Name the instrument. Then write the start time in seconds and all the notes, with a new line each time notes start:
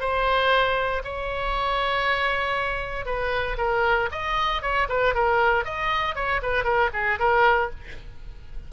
oboe
0.00 C5
1.04 C#5
3.06 B4
3.58 A#4
4.12 D#5
4.62 C#5
4.89 B4
5.14 A#4
5.65 D#5
6.15 C#5
6.42 B4
6.64 A#4
6.93 G#4
7.19 A#4